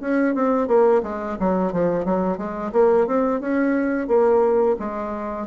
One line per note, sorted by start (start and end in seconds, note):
0.00 0.34 C#4
0.34 0.67 C4
0.67 1.01 A#3
1.03 1.37 G#3
1.39 1.72 F#3
1.72 2.05 F3
2.05 2.37 F#3
2.37 2.71 G#3
2.72 3.06 A#3
3.07 3.40 C4
3.40 4.07 C#4
4.07 4.75 A#3
4.79 5.47 G#3